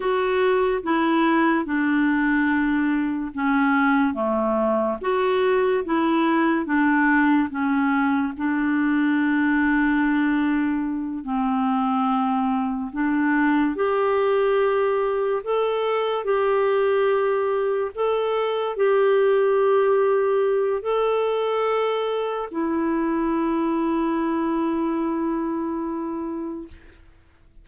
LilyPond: \new Staff \with { instrumentName = "clarinet" } { \time 4/4 \tempo 4 = 72 fis'4 e'4 d'2 | cis'4 a4 fis'4 e'4 | d'4 cis'4 d'2~ | d'4. c'2 d'8~ |
d'8 g'2 a'4 g'8~ | g'4. a'4 g'4.~ | g'4 a'2 e'4~ | e'1 | }